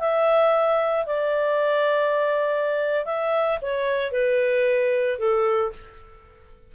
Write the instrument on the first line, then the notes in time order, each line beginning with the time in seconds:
clarinet
0.00 E5
1.06 D5
3.05 E5
3.62 C#5
4.12 B4
5.19 A4